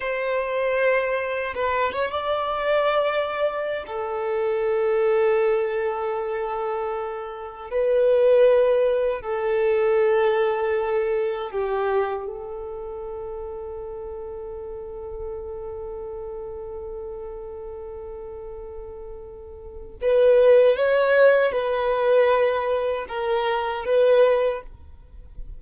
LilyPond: \new Staff \with { instrumentName = "violin" } { \time 4/4 \tempo 4 = 78 c''2 b'8 cis''16 d''4~ d''16~ | d''4 a'2.~ | a'2 b'2 | a'2. g'4 |
a'1~ | a'1~ | a'2 b'4 cis''4 | b'2 ais'4 b'4 | }